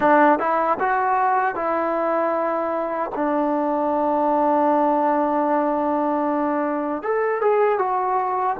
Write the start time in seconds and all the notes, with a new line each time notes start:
0.00 D4
0.39 E4
0.79 F#4
1.55 E4
3.15 D4
7.02 A4
7.41 G#4
7.78 F#4